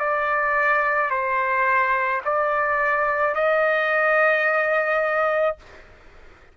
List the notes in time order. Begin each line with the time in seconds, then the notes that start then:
0.00 D5
1.11 C5
2.25 D5
3.35 D#5